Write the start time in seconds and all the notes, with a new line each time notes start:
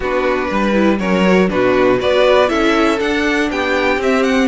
0.00 B3 D4 F#4 B4
0.48 G3 B4
0.73 E4
0.99 F#3 C#4 A#4 C#5
1.26 F#4
1.47 B2 D4 F#4 B4
1.98 B3 F#4 B4 D5
2.47 C#4 E4 A4 E5
2.98 D4 F#5
3.50 B3 G4 G5
3.97 C4 E5
4.03 C4
4.23 F#5